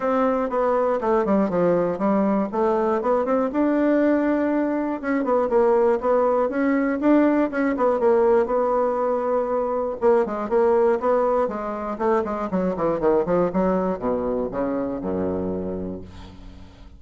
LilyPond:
\new Staff \with { instrumentName = "bassoon" } { \time 4/4 \tempo 4 = 120 c'4 b4 a8 g8 f4 | g4 a4 b8 c'8 d'4~ | d'2 cis'8 b8 ais4 | b4 cis'4 d'4 cis'8 b8 |
ais4 b2. | ais8 gis8 ais4 b4 gis4 | a8 gis8 fis8 e8 dis8 f8 fis4 | b,4 cis4 fis,2 | }